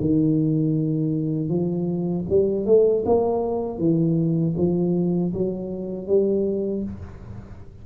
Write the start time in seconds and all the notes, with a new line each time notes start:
0.00 D#3
1.48 F3
2.29 G3
2.65 A3
3.05 A#3
3.78 E3
4.57 F3
5.33 F#3
6.07 G3